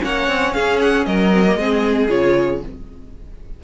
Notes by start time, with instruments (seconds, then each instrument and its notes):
0.00 cello A#3, viola C#4, violin C#5 F#5
0.27 cello C4
0.53 cello C#4, violin G#4 F5
0.81 violin F#5
1.05 cello F#3, violin A#4 D#5
1.32 viola C4
1.46 viola A#3
1.56 cello G#3, viola C4, violin G#4
2.08 cello C#3, viola F4, violin C#5